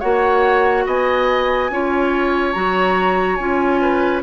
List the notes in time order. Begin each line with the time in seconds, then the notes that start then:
0.00 A#3 F#4 C#5 F#5
0.86 B3 D#5 G#5
1.70 C#4 F4 C#5
2.53 F#3 F#4 A#5
3.36 C#4 F4 G#5
3.82 B4